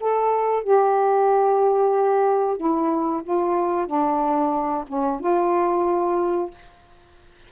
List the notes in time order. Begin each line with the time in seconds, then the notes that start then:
0.00 A4
0.63 G4
2.57 E4
3.23 F4
3.86 D4
4.87 C#4
5.20 F4